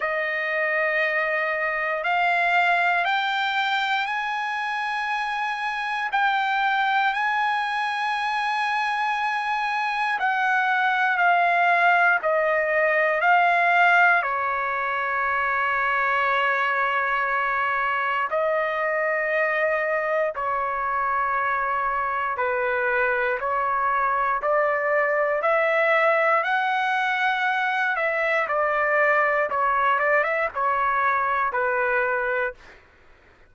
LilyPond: \new Staff \with { instrumentName = "trumpet" } { \time 4/4 \tempo 4 = 59 dis''2 f''4 g''4 | gis''2 g''4 gis''4~ | gis''2 fis''4 f''4 | dis''4 f''4 cis''2~ |
cis''2 dis''2 | cis''2 b'4 cis''4 | d''4 e''4 fis''4. e''8 | d''4 cis''8 d''16 e''16 cis''4 b'4 | }